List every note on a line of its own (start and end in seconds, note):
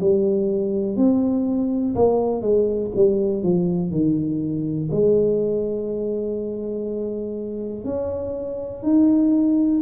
0.00 0.96 G3
0.96 1.94 C4
1.95 2.41 A#3
2.41 2.91 G#3
2.96 3.42 G3
3.42 3.91 F3
3.91 4.89 D#3
4.91 7.84 G#3
7.84 8.83 C#4
8.83 9.81 D#4